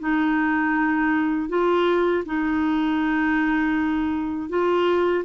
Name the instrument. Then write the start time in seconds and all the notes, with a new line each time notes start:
clarinet
0.00 D#4
1.49 F4
2.26 D#4
4.50 F4